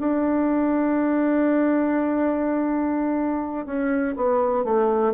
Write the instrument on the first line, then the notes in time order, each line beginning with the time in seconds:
bassoon
0.00 D4
3.66 C#4
4.16 B3
4.65 A3